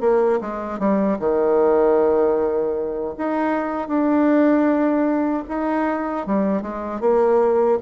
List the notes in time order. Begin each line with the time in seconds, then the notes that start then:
0.00 A#3
0.40 G#3
0.79 G3
1.19 D#3
3.17 D#4
3.87 D4
5.48 D#4
6.26 G3
6.62 G#3
7.00 A#3